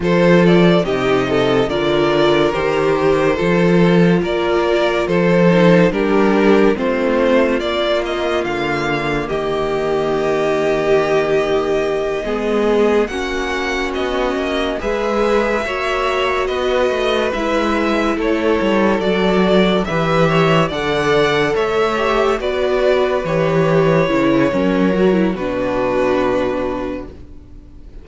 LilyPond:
<<
  \new Staff \with { instrumentName = "violin" } { \time 4/4 \tempo 4 = 71 c''8 d''8 dis''4 d''4 c''4~ | c''4 d''4 c''4 ais'4 | c''4 d''8 dis''8 f''4 dis''4~ | dis''2.~ dis''8 fis''8~ |
fis''8 dis''4 e''2 dis''8~ | dis''8 e''4 cis''4 d''4 e''8~ | e''8 fis''4 e''4 d''4 cis''8~ | cis''2 b'2 | }
  \new Staff \with { instrumentName = "violin" } { \time 4/4 a'4 g'8 a'8 ais'2 | a'4 ais'4 a'4 g'4 | f'2. g'4~ | g'2~ g'8 gis'4 fis'8~ |
fis'4. b'4 cis''4 b'8~ | b'4. a'2 b'8 | cis''8 d''4 cis''4 b'4.~ | b'4 ais'4 fis'2 | }
  \new Staff \with { instrumentName = "viola" } { \time 4/4 f'4 dis'4 f'4 g'4 | f'2~ f'8 dis'8 d'4 | c'4 ais2.~ | ais2~ ais8 b4 cis'8~ |
cis'4. gis'4 fis'4.~ | fis'8 e'2 fis'4 g'8~ | g'8 a'4. g'8 fis'4 g'8~ | g'8 e'8 cis'8 fis'16 e'16 d'2 | }
  \new Staff \with { instrumentName = "cello" } { \time 4/4 f4 c4 d4 dis4 | f4 ais4 f4 g4 | a4 ais4 d4 dis4~ | dis2~ dis8 gis4 ais8~ |
ais8 b8 ais8 gis4 ais4 b8 | a8 gis4 a8 g8 fis4 e8~ | e8 d4 a4 b4 e8~ | e8 cis8 fis4 b,2 | }
>>